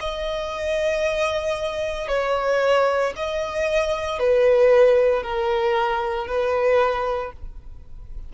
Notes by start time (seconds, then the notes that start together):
0.00 D#5
2.08 C#5
3.16 D#5
4.19 B4
5.23 A#4
6.27 B4